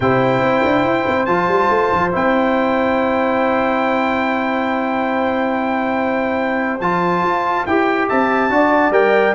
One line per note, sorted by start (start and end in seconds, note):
0.00 0.42 C3
0.00 1.27 E4
0.00 8.08 C5
0.00 1.25 G5
0.42 0.63 C4
0.64 0.84 D4
0.84 1.05 E4
1.07 1.27 C4
1.25 1.48 F3
1.25 2.11 F4
1.25 2.10 A5
1.48 1.69 G3
1.69 1.91 A3
1.93 2.14 F3
2.11 6.80 C4
2.11 6.79 E4
2.11 6.80 G5
6.80 7.22 F3
6.80 7.67 F4
6.80 7.65 A5
7.22 7.65 F4
7.66 8.09 E4
7.66 8.50 G4
7.66 8.08 G5
8.08 8.49 C4
8.08 8.51 E5
8.08 8.93 A5
8.49 8.90 D4
8.49 8.91 F#4
8.49 9.35 D5
8.90 9.32 G3
8.90 9.34 A#4
8.90 9.35 G5